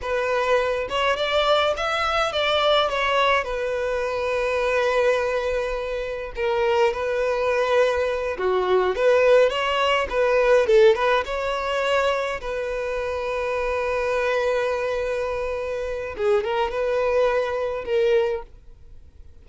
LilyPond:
\new Staff \with { instrumentName = "violin" } { \time 4/4 \tempo 4 = 104 b'4. cis''8 d''4 e''4 | d''4 cis''4 b'2~ | b'2. ais'4 | b'2~ b'8 fis'4 b'8~ |
b'8 cis''4 b'4 a'8 b'8 cis''8~ | cis''4. b'2~ b'8~ | b'1 | gis'8 ais'8 b'2 ais'4 | }